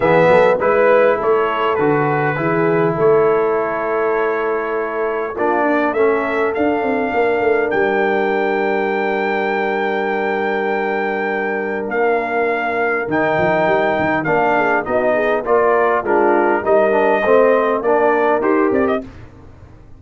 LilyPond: <<
  \new Staff \with { instrumentName = "trumpet" } { \time 4/4 \tempo 4 = 101 e''4 b'4 cis''4 b'4~ | b'4 cis''2.~ | cis''4 d''4 e''4 f''4~ | f''4 g''2.~ |
g''1 | f''2 g''2 | f''4 dis''4 d''4 ais'4 | dis''2 d''4 c''8 d''16 dis''16 | }
  \new Staff \with { instrumentName = "horn" } { \time 4/4 gis'8 a'8 b'4 a'2 | gis'4 a'2.~ | a'4 f'8 d'8 a'2 | ais'1~ |
ais'1~ | ais'1~ | ais'8 gis'8 fis'8 gis'8 ais'4 f'4 | ais'4 c''4 ais'2 | }
  \new Staff \with { instrumentName = "trombone" } { \time 4/4 b4 e'2 fis'4 | e'1~ | e'4 d'4 cis'4 d'4~ | d'1~ |
d'1~ | d'2 dis'2 | d'4 dis'4 f'4 d'4 | dis'8 d'8 c'4 d'4 g'4 | }
  \new Staff \with { instrumentName = "tuba" } { \time 4/4 e8 fis8 gis4 a4 d4 | e4 a2.~ | a4 ais4 a4 d'8 c'8 | ais8 a8 g2.~ |
g1 | ais2 dis8 f8 g8 dis8 | ais4 b4 ais4 gis4 | g4 a4 ais4 dis'8 c'8 | }
>>